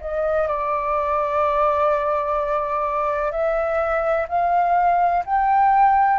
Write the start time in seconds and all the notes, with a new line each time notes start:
0.00 D#5
0.47 D5
3.31 E5
4.29 F5
5.25 G5